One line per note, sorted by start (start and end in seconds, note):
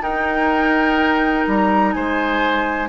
0.00 2.88 D#4
0.00 1.45 D#4
0.00 1.94 A#4
0.00 1.46 G5
1.47 1.95 G3
1.47 1.93 A#5
1.93 2.89 G#3
1.93 2.89 C5
1.93 2.89 G#5